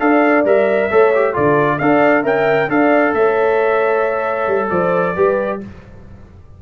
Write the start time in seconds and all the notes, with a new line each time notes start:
0.00 D4 A4 D5 F5
0.45 G3 A#4 E5
0.91 A3 A4 C#5
1.15 G4
1.33 D3 F4 A4 D5
1.79 D4 A4 D5 F5
2.23 C#4 A#4 E5 G5
2.69 D4 A4 D5 F5
3.14 A3 C#5 E5
4.48 G3
4.70 F3 C5 D5
5.16 G3 G4 B4